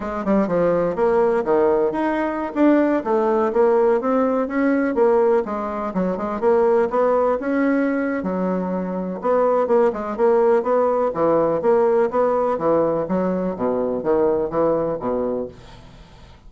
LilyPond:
\new Staff \with { instrumentName = "bassoon" } { \time 4/4 \tempo 4 = 124 gis8 g8 f4 ais4 dis4 | dis'4~ dis'16 d'4 a4 ais8.~ | ais16 c'4 cis'4 ais4 gis8.~ | gis16 fis8 gis8 ais4 b4 cis'8.~ |
cis'4 fis2 b4 | ais8 gis8 ais4 b4 e4 | ais4 b4 e4 fis4 | b,4 dis4 e4 b,4 | }